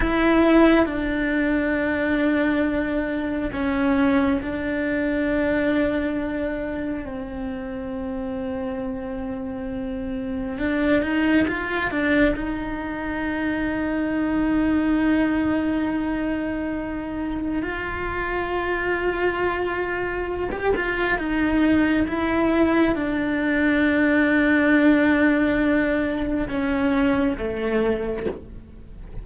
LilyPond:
\new Staff \with { instrumentName = "cello" } { \time 4/4 \tempo 4 = 68 e'4 d'2. | cis'4 d'2. | c'1 | d'8 dis'8 f'8 d'8 dis'2~ |
dis'1 | f'2.~ f'16 g'16 f'8 | dis'4 e'4 d'2~ | d'2 cis'4 a4 | }